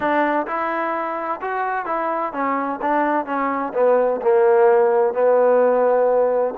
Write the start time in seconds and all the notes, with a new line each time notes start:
0.00 D4
0.46 E4
1.41 F#4
1.85 E4
2.32 C#4
2.81 D4
3.25 C#4
3.73 B3
4.21 A#3
5.13 B3